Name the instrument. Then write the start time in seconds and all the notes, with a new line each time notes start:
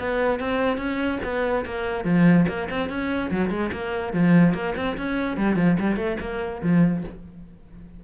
cello
0.00 B3
0.40 C4
0.78 C#4
1.24 B3
1.66 A#3
2.05 F3
2.48 A#3
2.70 C4
2.90 C#4
3.31 F#3
3.51 G#3
3.73 A#3
4.14 F3
4.54 A#3
4.77 C4
4.98 C#4
5.38 G3
5.57 F3
5.80 G3
5.97 A3
6.21 A#3
6.63 F3